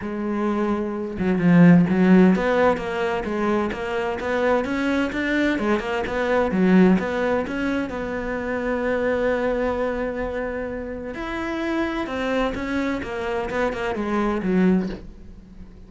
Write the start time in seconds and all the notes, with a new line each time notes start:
0.01 G#3
1.18 F#3
1.38 F3
1.89 F#3
2.35 B3
2.77 A#3
3.24 G#3
3.72 A#3
4.20 B3
4.64 C#4
5.12 D4
5.59 G#3
5.79 A#3
6.06 B3
6.51 F#3
6.99 B3
7.47 C#4
7.89 B3
11.14 E4
12.06 C4
12.54 C#4
13.03 A#3
13.50 B3
13.72 A#3
13.95 G#3
14.42 F#3